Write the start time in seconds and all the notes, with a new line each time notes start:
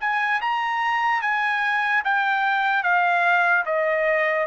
0.00 G#5
0.41 A#5
1.22 G#5
2.04 G5
2.83 F5
3.66 D#5